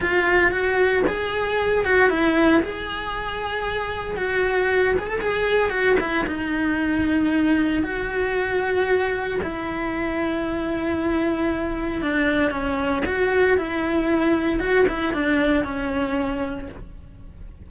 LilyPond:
\new Staff \with { instrumentName = "cello" } { \time 4/4 \tempo 4 = 115 f'4 fis'4 gis'4. fis'8 | e'4 gis'2. | fis'4. gis'16 a'16 gis'4 fis'8 e'8 | dis'2. fis'4~ |
fis'2 e'2~ | e'2. d'4 | cis'4 fis'4 e'2 | fis'8 e'8 d'4 cis'2 | }